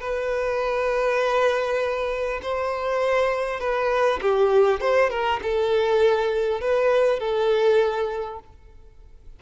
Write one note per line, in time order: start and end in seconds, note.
0.00 2.40 B4
2.42 3.60 C5
3.60 4.20 B4
4.21 4.80 G4
4.80 5.10 C5
5.10 5.40 A#4
5.42 6.60 A4
6.60 7.19 B4
7.19 8.39 A4